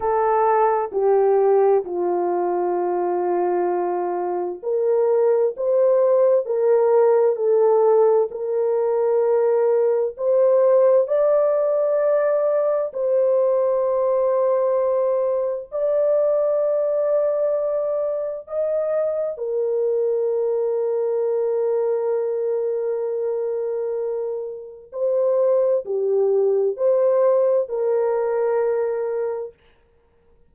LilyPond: \new Staff \with { instrumentName = "horn" } { \time 4/4 \tempo 4 = 65 a'4 g'4 f'2~ | f'4 ais'4 c''4 ais'4 | a'4 ais'2 c''4 | d''2 c''2~ |
c''4 d''2. | dis''4 ais'2.~ | ais'2. c''4 | g'4 c''4 ais'2 | }